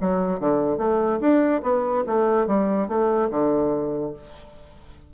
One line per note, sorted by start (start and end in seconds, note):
0.00 0.39 F#3
0.39 0.77 D3
0.77 1.19 A3
1.20 1.61 D4
1.62 2.04 B3
2.06 2.47 A3
2.47 2.88 G3
2.88 3.29 A3
3.30 4.12 D3